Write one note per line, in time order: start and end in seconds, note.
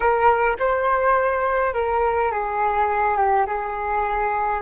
0.00 0.56 A#4
0.59 1.73 C5
1.73 2.31 A#4
2.31 3.17 G#4
3.17 3.46 G4
3.46 4.61 G#4